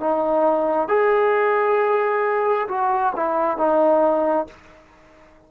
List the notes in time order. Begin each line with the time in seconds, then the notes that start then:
0.00 D#4
0.88 G#4
2.69 F#4
3.16 E4
3.58 D#4